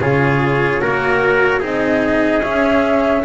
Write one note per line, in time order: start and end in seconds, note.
0.00 0.82 C#3
0.00 0.81 F4
0.00 0.81 G#4
0.00 1.62 C#5
0.81 1.62 A#3
0.81 1.60 F#4
0.81 1.59 A#4
1.59 2.41 C4
1.59 2.42 D#4
1.59 3.21 G#4
1.59 2.44 D#5
2.41 3.22 C#4
2.41 3.24 C#4
2.41 3.24 E5